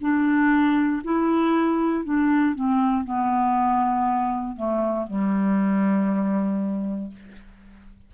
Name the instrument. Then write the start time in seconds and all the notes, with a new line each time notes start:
clarinet
0.00 D4
1.04 E4
2.04 D4
2.55 C4
3.04 B3
4.56 A3
5.07 G3